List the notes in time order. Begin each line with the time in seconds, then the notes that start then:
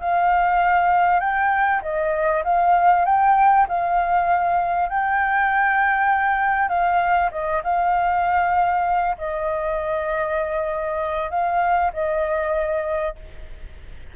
0.00 F5
1.20 G5
1.81 D#5
2.44 F5
3.05 G5
3.68 F5
4.89 G5
6.68 F5
7.31 D#5
7.63 F5
9.18 D#5
11.30 F5
11.93 D#5